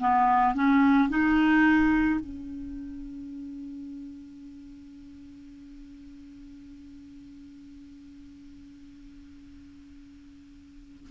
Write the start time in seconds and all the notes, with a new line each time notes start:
0.00 B3
0.55 C#4
1.10 D#4
2.21 C#4